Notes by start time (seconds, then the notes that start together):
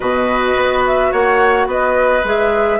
0.00 B2 F#4 B4 D#5
0.56 B3
0.86 E5
1.11 A#3 C#5 F#5
1.66 B3 B4 D#5
2.23 G#3 G#4 E5